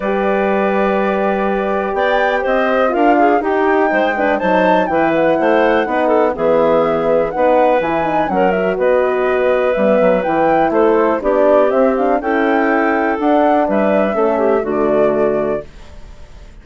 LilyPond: <<
  \new Staff \with { instrumentName = "flute" } { \time 4/4 \tempo 4 = 123 d''1 | g''4 dis''4 f''4 g''4~ | g''4 a''4 g''8 fis''4.~ | fis''4 e''2 fis''4 |
gis''4 fis''8 e''8 dis''2 | e''4 g''4 c''4 d''4 | e''8 f''8 g''2 fis''4 | e''2 d''2 | }
  \new Staff \with { instrumentName = "clarinet" } { \time 4/4 b'1 | d''4 c''4 ais'8 gis'8 g'4 | c''8 b'8 c''4 b'4 c''4 | b'8 a'8 gis'2 b'4~ |
b'4 ais'4 b'2~ | b'2 a'4 g'4~ | g'4 a'2. | b'4 a'8 g'8 fis'2 | }
  \new Staff \with { instrumentName = "horn" } { \time 4/4 g'1~ | g'2 f'4 dis'4~ | dis'8 d'8 dis'4 e'2 | dis'4 b2 dis'4 |
e'8 dis'8 cis'8 fis'2~ fis'8 | b4 e'2 d'4 | c'8 d'8 e'2 d'4~ | d'4 cis'4 a2 | }
  \new Staff \with { instrumentName = "bassoon" } { \time 4/4 g1 | b4 c'4 d'4 dis'4 | gis4 fis4 e4 a4 | b4 e2 b4 |
e4 fis4 b2 | g8 fis8 e4 a4 b4 | c'4 cis'2 d'4 | g4 a4 d2 | }
>>